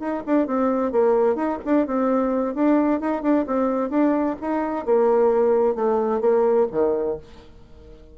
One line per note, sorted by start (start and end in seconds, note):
0.00 0.23 D#4
0.27 0.47 D4
0.47 0.92 C4
0.92 1.36 A#3
1.36 1.59 D#4
1.65 1.87 D4
1.87 2.55 C4
2.55 3.01 D4
3.01 3.22 D#4
3.22 3.46 D4
3.47 3.90 C4
3.90 4.36 D4
4.41 4.86 D#4
4.86 5.75 A#3
5.75 6.21 A3
6.21 6.67 A#3
6.72 7.18 D#3